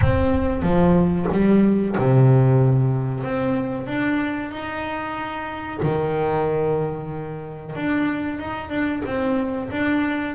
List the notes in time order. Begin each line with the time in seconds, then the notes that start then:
0.01 C4
0.62 F3
1.31 G3
1.97 C3
3.23 C4
3.87 D4
4.51 D#4
5.82 D#3
7.75 D4
8.39 D#4
8.69 D4
9.05 C4
9.70 D4